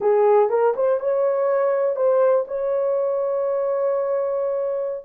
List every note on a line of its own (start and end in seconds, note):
0.00 0.49 G#4
0.49 0.74 A#4
0.76 1.00 C5
1.00 1.96 C#5
1.96 2.45 C5
2.47 5.04 C#5